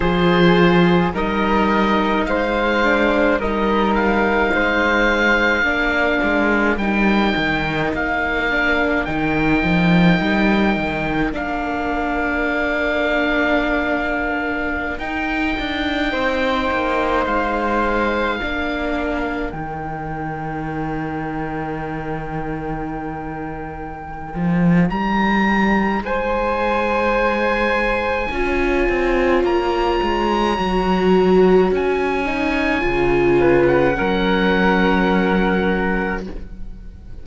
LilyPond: <<
  \new Staff \with { instrumentName = "oboe" } { \time 4/4 \tempo 4 = 53 c''4 dis''4 f''4 dis''8 f''8~ | f''2 g''4 f''4 | g''2 f''2~ | f''4~ f''16 g''2 f''8.~ |
f''4~ f''16 g''2~ g''8.~ | g''2 ais''4 gis''4~ | gis''2 ais''2 | gis''4.~ gis''16 fis''2~ fis''16 | }
  \new Staff \with { instrumentName = "flute" } { \time 4/4 gis'4 ais'4 c''4 ais'4 | c''4 ais'2.~ | ais'1~ | ais'2~ ais'16 c''4.~ c''16~ |
c''16 ais'2.~ ais'8.~ | ais'2. c''4~ | c''4 cis''2.~ | cis''4. b'8 ais'2 | }
  \new Staff \with { instrumentName = "viola" } { \time 4/4 f'4 dis'4. d'8 dis'4~ | dis'4 d'4 dis'4. d'8 | dis'2 d'2~ | d'4~ d'16 dis'2~ dis'8.~ |
dis'16 d'4 dis'2~ dis'8.~ | dis'1~ | dis'4 f'2 fis'4~ | fis'8 dis'8 f'4 cis'2 | }
  \new Staff \with { instrumentName = "cello" } { \time 4/4 f4 g4 gis4 g4 | gis4 ais8 gis8 g8 dis8 ais4 | dis8 f8 g8 dis8 ais2~ | ais4~ ais16 dis'8 d'8 c'8 ais8 gis8.~ |
gis16 ais4 dis2~ dis8.~ | dis4. f8 g4 gis4~ | gis4 cis'8 c'8 ais8 gis8 fis4 | cis'4 cis4 fis2 | }
>>